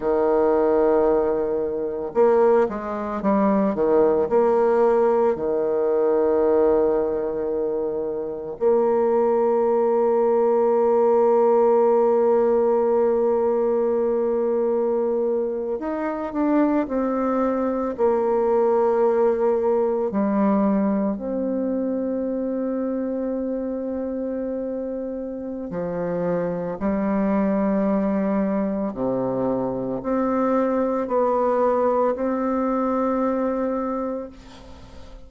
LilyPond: \new Staff \with { instrumentName = "bassoon" } { \time 4/4 \tempo 4 = 56 dis2 ais8 gis8 g8 dis8 | ais4 dis2. | ais1~ | ais2~ ais8. dis'8 d'8 c'16~ |
c'8. ais2 g4 c'16~ | c'1 | f4 g2 c4 | c'4 b4 c'2 | }